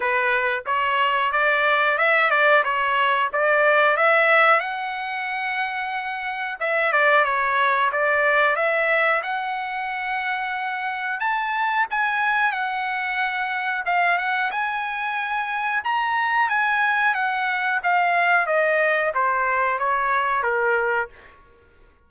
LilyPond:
\new Staff \with { instrumentName = "trumpet" } { \time 4/4 \tempo 4 = 91 b'4 cis''4 d''4 e''8 d''8 | cis''4 d''4 e''4 fis''4~ | fis''2 e''8 d''8 cis''4 | d''4 e''4 fis''2~ |
fis''4 a''4 gis''4 fis''4~ | fis''4 f''8 fis''8 gis''2 | ais''4 gis''4 fis''4 f''4 | dis''4 c''4 cis''4 ais'4 | }